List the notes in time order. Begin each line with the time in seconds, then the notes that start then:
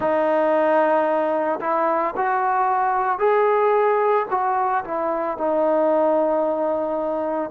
0.00 D#4
1.61 E4
2.16 F#4
3.19 G#4
4.30 F#4
4.84 E4
5.37 D#4